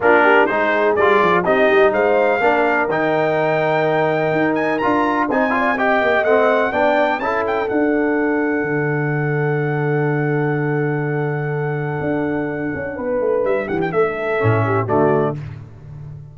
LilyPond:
<<
  \new Staff \with { instrumentName = "trumpet" } { \time 4/4 \tempo 4 = 125 ais'4 c''4 d''4 dis''4 | f''2 g''2~ | g''4. gis''8 ais''4 gis''4 | g''4 fis''4 g''4 a''8 g''8 |
fis''1~ | fis''1~ | fis''1 | e''8 fis''16 g''16 e''2 d''4 | }
  \new Staff \with { instrumentName = "horn" } { \time 4/4 f'8 g'8 gis'2 g'4 | c''4 ais'2.~ | ais'2. c''8 d''8 | dis''2 d''4 a'4~ |
a'1~ | a'1~ | a'2. b'4~ | b'8 g'8 a'4. g'8 fis'4 | }
  \new Staff \with { instrumentName = "trombone" } { \time 4/4 d'4 dis'4 f'4 dis'4~ | dis'4 d'4 dis'2~ | dis'2 f'4 dis'8 f'8 | g'4 c'4 d'4 e'4 |
d'1~ | d'1~ | d'1~ | d'2 cis'4 a4 | }
  \new Staff \with { instrumentName = "tuba" } { \time 4/4 ais4 gis4 g8 f8 c'8 g8 | gis4 ais4 dis2~ | dis4 dis'4 d'4 c'4~ | c'8 ais8 a4 b4 cis'4 |
d'2 d2~ | d1~ | d4 d'4. cis'8 b8 a8 | g8 e8 a4 a,4 d4 | }
>>